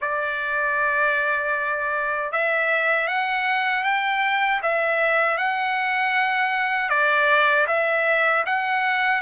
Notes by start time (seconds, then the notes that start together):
0.01 D5
2.31 E5
3.07 F#5
3.83 G5
4.62 E5
5.37 F#5
6.89 D5
7.67 E5
8.46 F#5